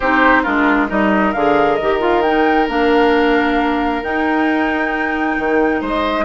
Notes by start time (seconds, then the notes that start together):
0.00 C4 D#4 G4 C5
0.43 G#3 D4 F4 A#4
0.88 G3 D#4 A#4 D#5
1.32 D3 G#4 F5
1.75 D#3 D#5
1.81 G4
2.00 F4 F5
2.22 D#4 G5
2.68 A#3 D4 F5
4.02 D#4 G5
5.38 D#3
5.80 G#3 C5 D#5